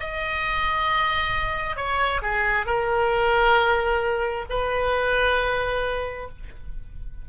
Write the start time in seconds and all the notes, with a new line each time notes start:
0.00 D#5
1.76 C#5
2.22 G#4
2.66 A#4
4.49 B4